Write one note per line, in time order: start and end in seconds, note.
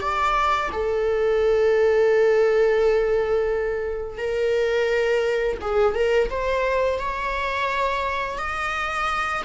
0.00 0.70 D5
0.72 4.17 A4
4.17 5.57 A#4
5.60 5.94 G#4
5.94 6.29 A#4
6.29 6.99 C5
6.99 8.38 C#5
8.38 9.42 D#5